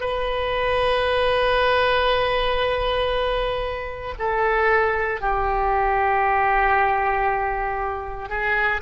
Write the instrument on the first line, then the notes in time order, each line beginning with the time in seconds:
oboe
0.00 B4
4.18 A4
5.21 G4
8.29 G#4